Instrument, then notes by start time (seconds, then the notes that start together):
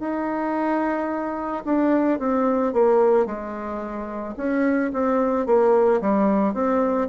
bassoon
0.00 D#4
1.65 D4
2.19 C4
2.73 A#3
3.26 G#3
4.37 C#4
4.93 C4
5.46 A#3
6.01 G3
6.54 C4